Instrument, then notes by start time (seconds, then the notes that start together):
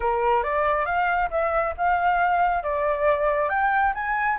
flute
0.00 A#4
0.43 D5
0.85 F5
1.30 E5
1.77 F5
2.63 D5
3.49 G5
3.94 G#5